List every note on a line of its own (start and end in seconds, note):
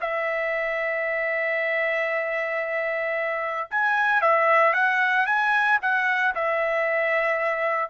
0.00 3.68 E5
3.70 4.21 G#5
4.21 4.73 E5
4.73 5.26 F#5
5.26 5.78 G#5
5.82 6.34 F#5
6.35 7.89 E5